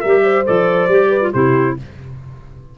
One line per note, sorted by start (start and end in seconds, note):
0.00 0.47 G3
0.00 0.45 G4
0.00 0.22 A#4
0.00 0.44 E5
0.24 1.09 C5
0.45 0.88 F3
0.45 0.89 A4
0.45 1.33 D5
0.88 1.31 G3
0.88 1.21 G4
1.09 1.30 B4
1.21 1.32 F4
1.33 1.78 C3
1.33 1.77 E4
1.33 1.77 G4
1.33 1.77 C5